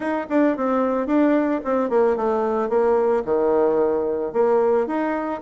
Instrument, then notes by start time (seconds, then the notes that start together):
bassoon
0.00 D#4
0.29 D4
0.56 C4
1.06 D4
1.64 C4
1.89 A#3
2.16 A3
2.69 A#3
3.24 D#3
4.32 A#3
4.86 D#4